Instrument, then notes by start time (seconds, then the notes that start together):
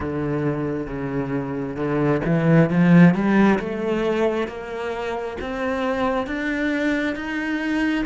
cello
0.00 D3
0.86 C#3
1.76 D3
2.25 E3
2.70 F3
3.14 G3
3.59 A3
4.47 A#3
5.41 C4
6.26 D4
7.15 D#4